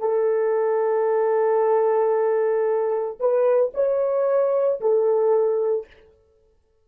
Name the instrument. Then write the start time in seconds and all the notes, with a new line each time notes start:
horn
0.00 A4
3.20 B4
3.74 C#5
4.81 A4